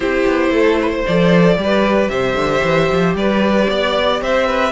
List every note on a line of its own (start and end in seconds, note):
0.00 0.24 C4
0.00 1.05 E4
0.00 0.52 G4
0.00 1.04 C5
0.27 0.49 B3
0.49 1.02 A3
0.49 0.80 A4
0.81 0.89 B4
0.89 1.55 C5
1.06 1.57 F3
1.06 1.57 A4
1.06 2.08 D5
1.57 2.09 G3
1.57 4.72 G4
1.63 2.10 B4
2.08 2.35 C3
2.08 3.16 C5
2.08 3.14 E5
2.35 2.61 D3
2.63 2.90 E3
2.92 3.14 F3
3.14 3.67 G3
3.14 3.70 B4
3.14 4.22 D5
3.69 4.21 B3
3.69 4.21 D5
4.21 4.72 C4
4.21 4.46 C5
4.21 4.72 E5
4.46 4.72 B4